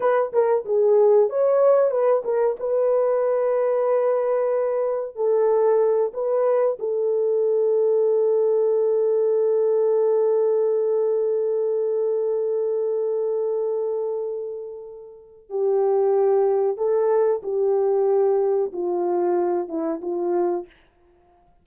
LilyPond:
\new Staff \with { instrumentName = "horn" } { \time 4/4 \tempo 4 = 93 b'8 ais'8 gis'4 cis''4 b'8 ais'8 | b'1 | a'4. b'4 a'4.~ | a'1~ |
a'1~ | a'1 | g'2 a'4 g'4~ | g'4 f'4. e'8 f'4 | }